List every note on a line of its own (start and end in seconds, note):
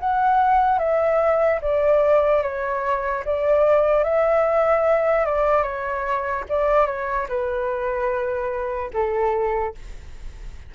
0.00 0.79 F#5
0.79 1.60 E5
1.61 2.43 D5
2.43 3.24 C#5
3.25 4.04 D5
4.04 5.26 E5
5.26 5.63 D5
5.63 6.44 C#5
6.49 6.87 D5
6.87 7.27 C#5
7.29 8.91 B4
8.94 9.75 A4